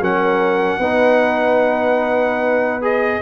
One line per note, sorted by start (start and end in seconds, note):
0.00 0.78 F#3
0.00 0.81 C#4
0.00 0.79 A#4
0.00 2.84 F#5
0.78 3.20 B3
0.78 2.81 D#4
0.78 3.21 B4
2.81 3.21 G#4
2.81 3.21 D#5